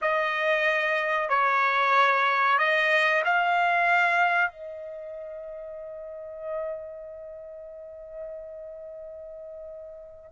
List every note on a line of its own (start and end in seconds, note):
0.01 1.29 D#5
1.29 2.58 C#5
2.58 3.23 D#5
3.25 4.50 F5
4.50 10.30 D#5